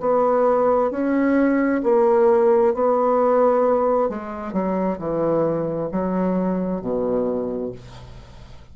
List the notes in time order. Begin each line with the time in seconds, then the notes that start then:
0.00 B3
0.91 C#4
1.83 A#3
2.74 B3
4.09 G#3
4.53 F#3
4.98 E3
5.92 F#3
6.81 B2